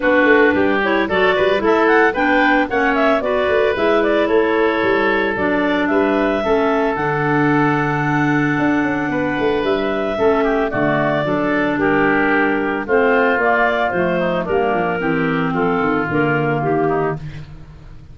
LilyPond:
<<
  \new Staff \with { instrumentName = "clarinet" } { \time 4/4 \tempo 4 = 112 b'4. cis''8 d''4 e''8 fis''8 | g''4 fis''8 e''8 d''4 e''8 d''8 | cis''2 d''4 e''4~ | e''4 fis''2.~ |
fis''2 e''2 | d''2 ais'2 | c''4 d''4 c''4 ais'4~ | ais'4 a'4 ais'4 g'4 | }
  \new Staff \with { instrumentName = "oboe" } { \time 4/4 fis'4 g'4 a'8 b'8 a'4 | b'4 cis''4 b'2 | a'2. b'4 | a'1~ |
a'4 b'2 a'8 g'8 | fis'4 a'4 g'2 | f'2~ f'8 dis'8 d'4 | g'4 f'2~ f'8 dis'8 | }
  \new Staff \with { instrumentName = "clarinet" } { \time 4/4 d'4. e'8 fis'4 e'4 | d'4 cis'4 fis'4 e'4~ | e'2 d'2 | cis'4 d'2.~ |
d'2. cis'4 | a4 d'2. | c'4 ais4 a4 ais4 | c'2 ais2 | }
  \new Staff \with { instrumentName = "tuba" } { \time 4/4 b8 a8 g4 fis8 g8 a4 | b4 ais4 b8 a8 gis4 | a4 g4 fis4 g4 | a4 d2. |
d'8 cis'8 b8 a8 g4 a4 | d4 fis4 g2 | a4 ais4 f4 g8 f8 | e4 f8 dis8 d4 dis4 | }
>>